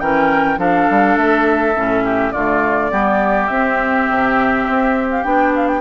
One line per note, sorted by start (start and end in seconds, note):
0.00 0.58 E3
0.00 0.57 C#4
0.00 0.59 A#4
0.00 0.58 G5
0.57 0.87 F3
0.57 1.74 D4
0.57 2.04 A4
0.57 1.17 F5
0.90 1.17 G3
1.17 1.75 A3
1.17 2.32 E5
1.75 2.34 A2
1.75 2.34 C#4
2.04 2.33 G4
2.32 2.91 D3
2.32 2.90 A3
2.32 2.91 F4
2.32 3.48 D5
2.90 3.49 G3
2.90 3.49 B3
2.90 5.81 G4
3.48 4.08 C4
3.48 5.23 C4
3.48 5.08 E5
4.10 4.68 C3
4.68 5.24 C4
5.11 5.23 F5
5.23 5.81 B3
5.23 5.81 D4
5.23 5.52 G5
5.55 5.67 F5
5.67 5.81 G5